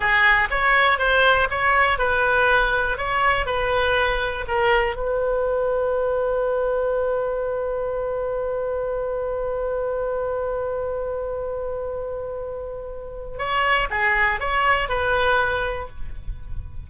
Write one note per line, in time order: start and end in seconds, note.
0.00 0.48 G#4
0.50 0.98 C#5
0.98 1.48 C5
1.50 1.98 C#5
1.98 2.97 B4
2.97 3.46 C#5
3.46 4.45 B4
4.47 4.96 A#4
4.96 13.38 B4
13.38 13.88 C#5
13.90 14.39 G#4
14.39 14.88 C#5
14.88 15.88 B4